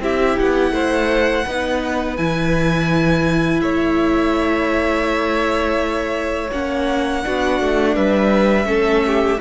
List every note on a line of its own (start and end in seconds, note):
0.00 0.36 C4
0.00 1.46 E4
0.00 0.73 G4
0.00 0.39 E5
0.39 0.71 B3
0.39 2.17 F#5
0.71 1.44 A3
0.71 1.45 C5
1.46 2.18 B3
1.46 2.18 D#4
1.46 3.62 B4
2.17 3.61 E3
2.17 6.52 E4
2.17 3.61 G#5
3.61 6.50 A3
3.61 7.24 C#5
3.61 6.50 E5
6.52 7.25 A#3
6.52 7.23 C#4
6.52 7.96 F#5
7.23 7.61 B3
7.23 8.66 D4
7.23 7.95 F#4
7.61 7.96 A3
7.95 8.65 G3
7.95 8.67 B4
7.95 9.40 E5
8.65 9.37 A3
8.65 9.38 C#4
8.65 9.05 A4
9.07 9.41 G4